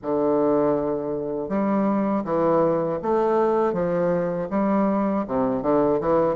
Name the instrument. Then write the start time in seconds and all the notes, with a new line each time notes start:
bassoon
0.02 D3
1.49 G3
2.24 E3
3.02 A3
3.73 F3
4.50 G3
5.27 C3
5.62 D3
6.00 E3